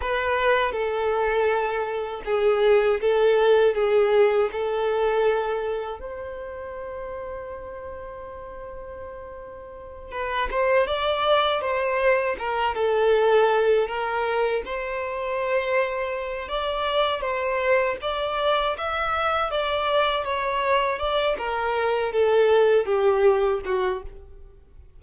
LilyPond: \new Staff \with { instrumentName = "violin" } { \time 4/4 \tempo 4 = 80 b'4 a'2 gis'4 | a'4 gis'4 a'2 | c''1~ | c''4. b'8 c''8 d''4 c''8~ |
c''8 ais'8 a'4. ais'4 c''8~ | c''2 d''4 c''4 | d''4 e''4 d''4 cis''4 | d''8 ais'4 a'4 g'4 fis'8 | }